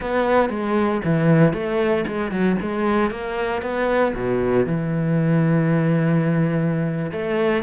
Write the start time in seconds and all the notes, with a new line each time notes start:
0.00 B3
0.49 G#3
1.04 E3
1.53 A3
2.07 G#3
2.31 F#3
2.61 G#3
3.10 A#3
3.62 B3
4.14 B2
4.66 E3
7.11 A3